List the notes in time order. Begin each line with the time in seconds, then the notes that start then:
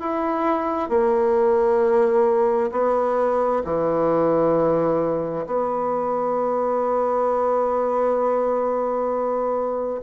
0.00 E4
0.89 A#3
2.71 B3
3.64 E3
5.46 B3